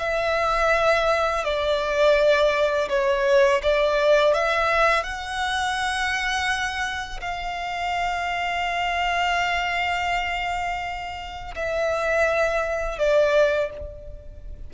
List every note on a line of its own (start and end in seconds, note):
0.00 1.45 E5
1.45 2.89 D5
2.89 3.62 C#5
3.63 4.34 D5
4.34 5.04 E5
5.04 7.21 F#5
7.21 11.55 F5
11.55 12.99 E5
12.99 13.71 D5